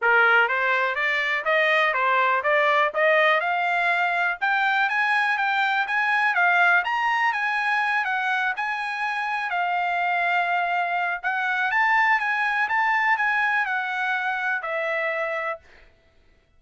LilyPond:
\new Staff \with { instrumentName = "trumpet" } { \time 4/4 \tempo 4 = 123 ais'4 c''4 d''4 dis''4 | c''4 d''4 dis''4 f''4~ | f''4 g''4 gis''4 g''4 | gis''4 f''4 ais''4 gis''4~ |
gis''8 fis''4 gis''2 f''8~ | f''2. fis''4 | a''4 gis''4 a''4 gis''4 | fis''2 e''2 | }